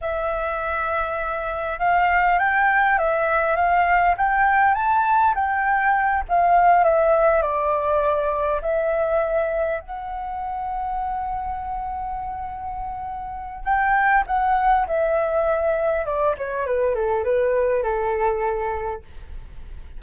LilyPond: \new Staff \with { instrumentName = "flute" } { \time 4/4 \tempo 4 = 101 e''2. f''4 | g''4 e''4 f''4 g''4 | a''4 g''4. f''4 e''8~ | e''8 d''2 e''4.~ |
e''8 fis''2.~ fis''8~ | fis''2. g''4 | fis''4 e''2 d''8 cis''8 | b'8 a'8 b'4 a'2 | }